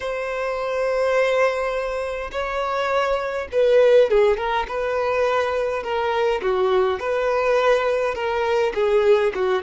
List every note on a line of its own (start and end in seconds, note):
0.00 2.30 C5
2.31 3.48 C#5
3.52 4.10 B4
4.10 4.37 G#4
4.37 4.66 A#4
4.68 5.83 B4
5.83 6.41 A#4
6.42 6.99 F#4
6.99 8.14 B4
8.14 8.72 A#4
8.74 9.32 G#4
9.35 9.62 F#4